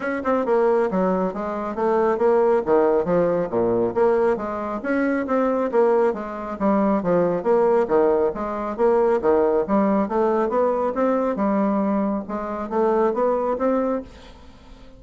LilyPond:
\new Staff \with { instrumentName = "bassoon" } { \time 4/4 \tempo 4 = 137 cis'8 c'8 ais4 fis4 gis4 | a4 ais4 dis4 f4 | ais,4 ais4 gis4 cis'4 | c'4 ais4 gis4 g4 |
f4 ais4 dis4 gis4 | ais4 dis4 g4 a4 | b4 c'4 g2 | gis4 a4 b4 c'4 | }